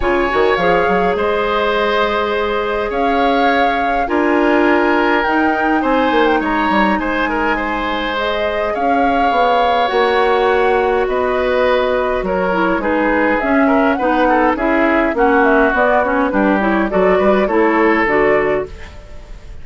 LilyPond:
<<
  \new Staff \with { instrumentName = "flute" } { \time 4/4 \tempo 4 = 103 gis''4 f''4 dis''2~ | dis''4 f''2 gis''4~ | gis''4 g''4 gis''8. g''16 ais''4 | gis''2 dis''4 f''4~ |
f''4 fis''2 dis''4~ | dis''4 cis''4 b'4 e''4 | fis''4 e''4 fis''8 e''8 d''8 cis''8 | b'8 cis''8 d''4 cis''4 d''4 | }
  \new Staff \with { instrumentName = "oboe" } { \time 4/4 cis''2 c''2~ | c''4 cis''2 ais'4~ | ais'2 c''4 cis''4 | c''8 ais'8 c''2 cis''4~ |
cis''2. b'4~ | b'4 ais'4 gis'4. ais'8 | b'8 a'8 gis'4 fis'2 | g'4 a'8 b'8 a'2 | }
  \new Staff \with { instrumentName = "clarinet" } { \time 4/4 f'8 fis'8 gis'2.~ | gis'2. f'4~ | f'4 dis'2.~ | dis'2 gis'2~ |
gis'4 fis'2.~ | fis'4. e'8 dis'4 cis'4 | dis'4 e'4 cis'4 b8 cis'8 | d'8 e'8 fis'4 e'4 fis'4 | }
  \new Staff \with { instrumentName = "bassoon" } { \time 4/4 cis8 dis8 f8 fis8 gis2~ | gis4 cis'2 d'4~ | d'4 dis'4 c'8 ais8 gis8 g8 | gis2. cis'4 |
b4 ais2 b4~ | b4 fis4 gis4 cis'4 | b4 cis'4 ais4 b4 | g4 fis8 g8 a4 d4 | }
>>